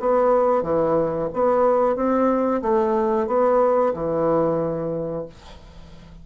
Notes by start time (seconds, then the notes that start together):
0.00 B3
0.63 E3
1.34 B3
1.96 C4
2.62 A3
3.28 B3
3.94 E3